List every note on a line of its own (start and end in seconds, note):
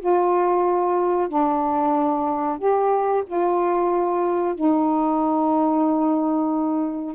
0.00 1.29 F4
1.29 2.59 D4
2.59 3.24 G4
3.27 4.55 F4
4.55 7.15 D#4